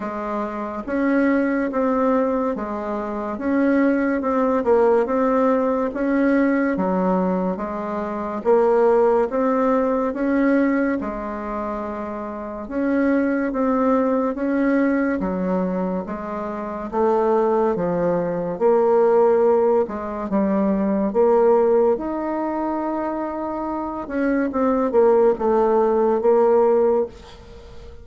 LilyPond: \new Staff \with { instrumentName = "bassoon" } { \time 4/4 \tempo 4 = 71 gis4 cis'4 c'4 gis4 | cis'4 c'8 ais8 c'4 cis'4 | fis4 gis4 ais4 c'4 | cis'4 gis2 cis'4 |
c'4 cis'4 fis4 gis4 | a4 f4 ais4. gis8 | g4 ais4 dis'2~ | dis'8 cis'8 c'8 ais8 a4 ais4 | }